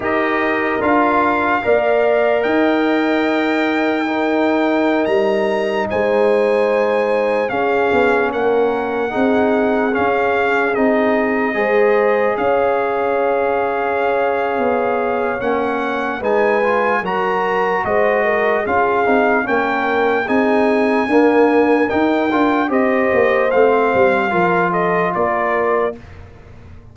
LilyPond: <<
  \new Staff \with { instrumentName = "trumpet" } { \time 4/4 \tempo 4 = 74 dis''4 f''2 g''4~ | g''2~ g''16 ais''4 gis''8.~ | gis''4~ gis''16 f''4 fis''4.~ fis''16~ | fis''16 f''4 dis''2 f''8.~ |
f''2. fis''4 | gis''4 ais''4 dis''4 f''4 | g''4 gis''2 g''4 | dis''4 f''4. dis''8 d''4 | }
  \new Staff \with { instrumentName = "horn" } { \time 4/4 ais'2 d''4 dis''4~ | dis''4 ais'2~ ais'16 c''8.~ | c''4~ c''16 gis'4 ais'4 gis'8.~ | gis'2~ gis'16 c''4 cis''8.~ |
cis''1 | b'4 ais'4 c''8 ais'8 gis'4 | ais'4 gis'4 ais'2 | c''2 ais'8 a'8 ais'4 | }
  \new Staff \with { instrumentName = "trombone" } { \time 4/4 g'4 f'4 ais'2~ | ais'4 dis'2.~ | dis'4~ dis'16 cis'2 dis'8.~ | dis'16 cis'4 dis'4 gis'4.~ gis'16~ |
gis'2. cis'4 | dis'8 f'8 fis'2 f'8 dis'8 | cis'4 dis'4 ais4 dis'8 f'8 | g'4 c'4 f'2 | }
  \new Staff \with { instrumentName = "tuba" } { \time 4/4 dis'4 d'4 ais4 dis'4~ | dis'2~ dis'16 g4 gis8.~ | gis4~ gis16 cis'8 b8 ais4 c'8.~ | c'16 cis'4 c'4 gis4 cis'8.~ |
cis'2 b4 ais4 | gis4 fis4 gis4 cis'8 c'8 | ais4 c'4 d'4 dis'8 d'8 | c'8 ais8 a8 g8 f4 ais4 | }
>>